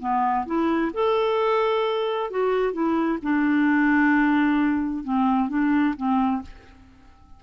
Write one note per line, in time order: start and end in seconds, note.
0.00 0.46 B3
0.46 0.92 E4
0.94 2.30 A4
2.30 2.73 F#4
2.73 3.19 E4
3.22 5.04 D4
5.04 5.49 C4
5.49 5.95 D4
5.96 6.42 C4